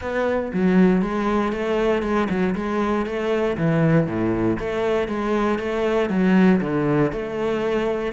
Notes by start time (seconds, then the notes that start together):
0.01 B3
0.53 F#3
1.02 G#3
1.52 A3
2.02 G#3
2.29 F#3
2.55 G#3
3.05 A3
3.57 E3
4.07 A2
4.59 A3
5.08 G#3
5.58 A3
6.09 F#3
6.61 D3
7.12 A3